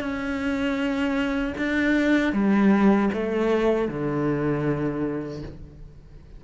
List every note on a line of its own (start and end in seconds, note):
0.00 1.54 C#4
1.57 2.32 D4
2.32 3.09 G3
3.13 3.88 A3
3.88 5.42 D3